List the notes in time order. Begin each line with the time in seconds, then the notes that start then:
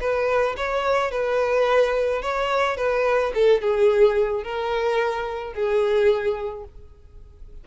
0.00 B4
0.57 C#5
1.11 B4
2.22 C#5
2.77 B4
3.34 A4
3.61 G#4
4.43 A#4
5.53 G#4